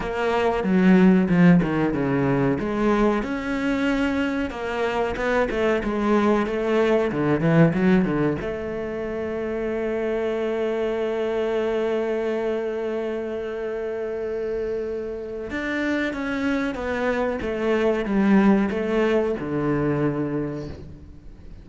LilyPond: \new Staff \with { instrumentName = "cello" } { \time 4/4 \tempo 4 = 93 ais4 fis4 f8 dis8 cis4 | gis4 cis'2 ais4 | b8 a8 gis4 a4 d8 e8 | fis8 d8 a2.~ |
a1~ | a1 | d'4 cis'4 b4 a4 | g4 a4 d2 | }